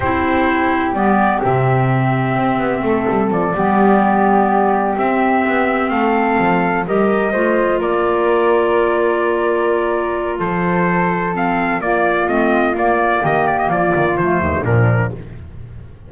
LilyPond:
<<
  \new Staff \with { instrumentName = "trumpet" } { \time 4/4 \tempo 4 = 127 c''2 d''4 e''4~ | e''2. d''4~ | d''2~ d''8 e''4.~ | e''8 f''2 dis''4.~ |
dis''8 d''2.~ d''8~ | d''2 c''2 | f''4 d''4 dis''4 d''4 | dis''8 d''16 dis''16 d''4 c''4 ais'4 | }
  \new Staff \with { instrumentName = "flute" } { \time 4/4 g'1~ | g'2 a'4. g'8~ | g'1~ | g'8 a'2 ais'4 c''8~ |
c''8 ais'2.~ ais'8~ | ais'2 a'2~ | a'4 f'2. | g'4 f'4. dis'8 d'4 | }
  \new Staff \with { instrumentName = "clarinet" } { \time 4/4 e'2 b4 c'4~ | c'2.~ c'8 b8~ | b2~ b8 c'4.~ | c'2~ c'8 g'4 f'8~ |
f'1~ | f'1 | c'4 ais4 c'4 ais4~ | ais2 a4 f4 | }
  \new Staff \with { instrumentName = "double bass" } { \time 4/4 c'2 g4 c4~ | c4 c'8 b8 a8 g8 f8 g8~ | g2~ g8 c'4 b8~ | b8 a4 f4 g4 a8~ |
a8 ais2.~ ais8~ | ais2 f2~ | f4 ais4 a4 ais4 | dis4 f8 dis8 f8 dis,8 ais,4 | }
>>